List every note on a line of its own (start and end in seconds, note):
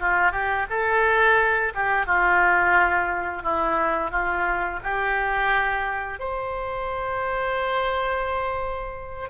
0.00 0.32 F4
0.32 0.66 G4
0.70 1.73 A4
1.75 2.06 G4
2.06 3.43 F4
3.43 4.11 E4
4.11 4.80 F4
4.83 6.19 G4
6.19 9.29 C5